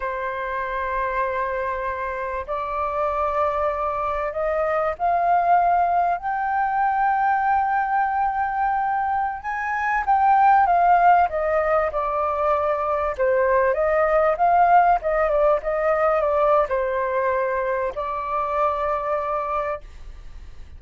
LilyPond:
\new Staff \with { instrumentName = "flute" } { \time 4/4 \tempo 4 = 97 c''1 | d''2. dis''4 | f''2 g''2~ | g''2.~ g''16 gis''8.~ |
gis''16 g''4 f''4 dis''4 d''8.~ | d''4~ d''16 c''4 dis''4 f''8.~ | f''16 dis''8 d''8 dis''4 d''8. c''4~ | c''4 d''2. | }